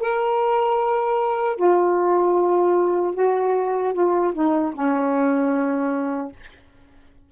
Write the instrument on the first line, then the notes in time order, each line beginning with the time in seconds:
saxophone
0.00 A#4
1.56 F4
3.15 F#4
3.94 F4
4.34 D#4
4.74 C#4